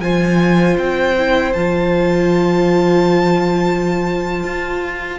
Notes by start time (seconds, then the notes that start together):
0.00 F3 F4 C5 G#5
0.77 C4 G5
1.17 E4
1.53 F3 F4 A5
4.44 F4